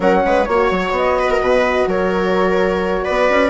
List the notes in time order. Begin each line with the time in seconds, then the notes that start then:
0.00 F#3 C#4 A#4 F#5
0.25 G#3 B4
0.44 A#3 F#4 C#5
0.70 F#3
0.91 B3 D#5
1.19 B4
1.30 A#4
1.41 B2 B4
1.86 F#3 A#4 C#5
3.04 B3 B4 D5
3.29 C#4